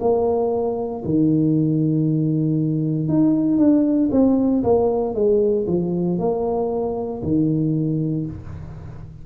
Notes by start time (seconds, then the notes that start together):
0.00 A#3
1.04 D#3
3.08 D#4
3.57 D4
4.11 C4
4.63 A#3
5.14 G#3
5.67 F3
6.19 A#3
7.22 D#3